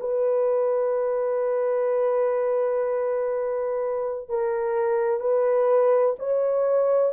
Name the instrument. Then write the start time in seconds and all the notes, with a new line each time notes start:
horn
0.00 B4
4.29 A#4
5.20 B4
6.19 C#5